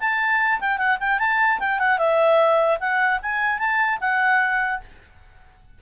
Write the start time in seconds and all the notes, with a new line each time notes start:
0.00 A5
0.60 G5
0.78 F#5
1.00 G5
1.19 A5
1.60 G5
1.79 F#5
1.98 E5
2.80 F#5
3.22 G#5
3.59 A5
4.01 F#5